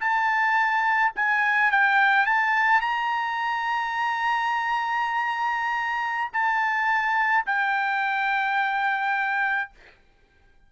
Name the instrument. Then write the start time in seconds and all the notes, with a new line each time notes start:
trumpet
0.00 A5
1.15 G#5
1.71 G5
2.26 A5
2.81 A#5
6.32 A5
7.46 G5